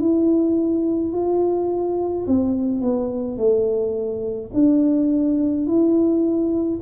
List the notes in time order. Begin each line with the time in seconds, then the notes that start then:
0.00 E4
1.13 F4
2.26 C4
2.81 B3
3.37 A3
4.53 D4
5.67 E4